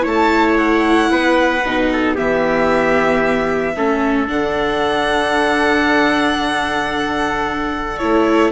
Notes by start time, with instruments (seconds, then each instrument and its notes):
0.00 bassoon A3, viola E4, trumpet C#5
0.07 violin A5
0.57 violin F#5
1.09 bassoon B3, trumpet B4
1.64 bassoon B2, viola D#4
1.92 trumpet A4
2.15 bassoon E3, viola B3, trumpet G4, violin E5
3.75 bassoon A3, viola C#4, trumpet A4
4.27 bassoon D3, viola D4, violin F#5
7.97 bassoon A3, viola E4, violin C#5